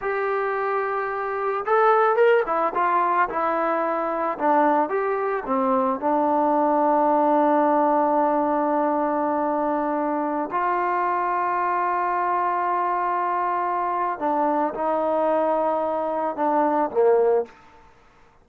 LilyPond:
\new Staff \with { instrumentName = "trombone" } { \time 4/4 \tempo 4 = 110 g'2. a'4 | ais'8 e'8 f'4 e'2 | d'4 g'4 c'4 d'4~ | d'1~ |
d'2.~ d'16 f'8.~ | f'1~ | f'2 d'4 dis'4~ | dis'2 d'4 ais4 | }